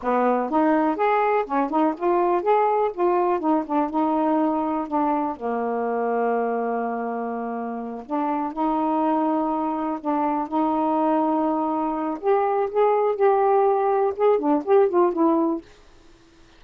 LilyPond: \new Staff \with { instrumentName = "saxophone" } { \time 4/4 \tempo 4 = 123 b4 dis'4 gis'4 cis'8 dis'8 | f'4 gis'4 f'4 dis'8 d'8 | dis'2 d'4 ais4~ | ais1~ |
ais8 d'4 dis'2~ dis'8~ | dis'8 d'4 dis'2~ dis'8~ | dis'4 g'4 gis'4 g'4~ | g'4 gis'8 d'8 g'8 f'8 e'4 | }